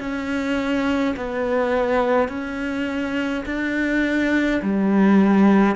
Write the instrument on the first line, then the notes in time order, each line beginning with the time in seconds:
cello
0.00 C#4
1.17 B3
2.29 C#4
3.46 D4
4.62 G3